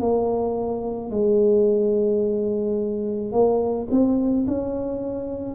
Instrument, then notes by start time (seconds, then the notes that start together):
tuba
0.00 A#3
1.10 G#3
3.32 A#3
3.90 C4
4.47 C#4